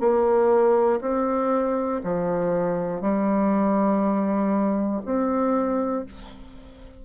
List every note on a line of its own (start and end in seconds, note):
0.00 1.00 A#3
1.00 2.00 C4
2.04 3.01 F3
3.01 5.01 G3
5.05 6.05 C4